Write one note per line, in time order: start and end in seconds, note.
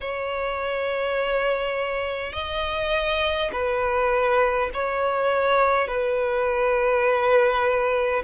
0.00 2.33 C#5
2.33 3.50 D#5
3.52 4.70 B4
4.73 5.87 C#5
5.87 8.22 B4